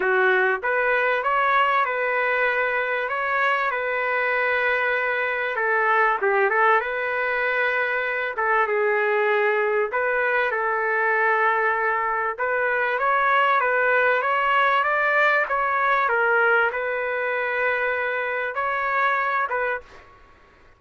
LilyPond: \new Staff \with { instrumentName = "trumpet" } { \time 4/4 \tempo 4 = 97 fis'4 b'4 cis''4 b'4~ | b'4 cis''4 b'2~ | b'4 a'4 g'8 a'8 b'4~ | b'4. a'8 gis'2 |
b'4 a'2. | b'4 cis''4 b'4 cis''4 | d''4 cis''4 ais'4 b'4~ | b'2 cis''4. b'8 | }